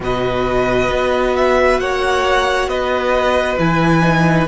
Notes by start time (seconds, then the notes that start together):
0.00 B2 F#4 B4 D#5
0.90 B3
1.36 E5
1.78 A#3 C#5 F#5
2.67 B3 B4 D#5
3.59 E3 E4 G#5
4.01 D#4